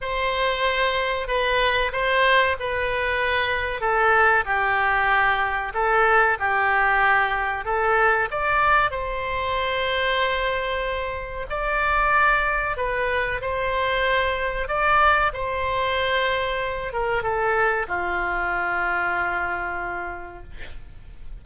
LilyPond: \new Staff \with { instrumentName = "oboe" } { \time 4/4 \tempo 4 = 94 c''2 b'4 c''4 | b'2 a'4 g'4~ | g'4 a'4 g'2 | a'4 d''4 c''2~ |
c''2 d''2 | b'4 c''2 d''4 | c''2~ c''8 ais'8 a'4 | f'1 | }